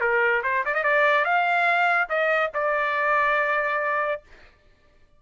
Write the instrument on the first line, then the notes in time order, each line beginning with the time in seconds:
trumpet
0.00 A#4
0.43 C5
0.65 D5
0.74 D#5
0.83 D5
1.24 F5
2.09 D#5
2.54 D5